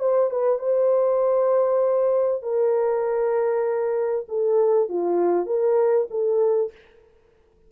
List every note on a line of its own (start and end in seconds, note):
0.00 0.31 C5
0.31 0.59 B4
0.59 2.42 C5
2.42 4.26 A#4
4.29 4.89 A4
4.89 5.46 F4
5.46 6.08 A#4
6.11 6.72 A4